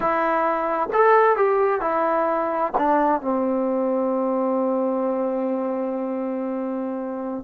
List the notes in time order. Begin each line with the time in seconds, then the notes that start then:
0.00 E4
0.93 A4
1.36 G4
1.80 E4
2.77 D4
3.21 C4